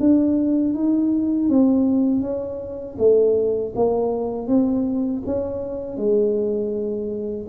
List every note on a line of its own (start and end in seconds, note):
0.00 0.74 D4
0.74 1.49 D#4
1.49 2.21 C4
2.21 2.96 C#4
2.98 3.73 A3
3.75 4.48 A#3
4.48 5.23 C4
5.26 5.97 C#4
5.97 7.47 G#3